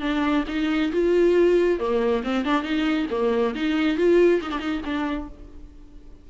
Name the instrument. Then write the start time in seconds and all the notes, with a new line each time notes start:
viola
0.00 D4
0.47 D#4
0.92 F4
1.79 A#3
2.23 C4
2.44 D4
2.62 D#4
3.10 A#3
3.55 D#4
3.97 F4
4.41 D#4
4.51 D4
4.59 D#4
4.84 D4